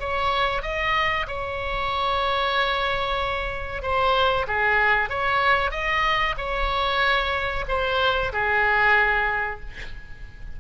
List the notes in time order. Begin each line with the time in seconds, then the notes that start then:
0.00 C#5
0.62 D#5
1.28 C#5
3.82 C5
4.48 G#4
5.10 C#5
5.71 D#5
6.37 C#5
7.68 C5
8.32 G#4